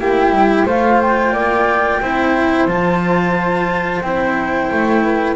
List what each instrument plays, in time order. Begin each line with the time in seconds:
0.00 double bass A#3, cello E4, flute G4 G5
0.30 double bass G3
0.65 double bass A3, cello F4, flute C5 F5
1.02 flute G5
1.32 double bass A#3, flute D5
2.01 double bass C4, cello E4, flute C5
2.67 double bass F3, cello F4, flute A5
4.02 double bass C4, cello E4, flute G5
4.72 double bass A3
5.03 flute B4